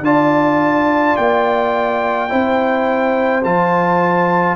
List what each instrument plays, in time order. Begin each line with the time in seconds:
0.00 tuba D4, trombone F4, horn D5, trumpet A5
1.16 tuba A#3, trumpet G5
2.29 tuba C4, trombone E4, horn C5
3.43 tuba F3, trombone F4, trumpet A5